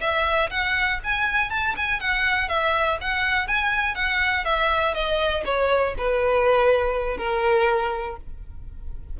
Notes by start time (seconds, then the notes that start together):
0.00 E5
0.50 F#5
1.03 G#5
1.50 A5
1.76 G#5
2.00 F#5
2.48 E5
3.01 F#5
3.47 G#5
3.95 F#5
4.44 E5
4.94 D#5
5.45 C#5
5.98 B4
7.17 A#4